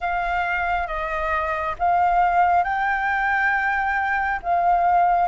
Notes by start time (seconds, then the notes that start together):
0.00 F5
0.87 D#5
1.78 F5
2.63 G5
4.42 F5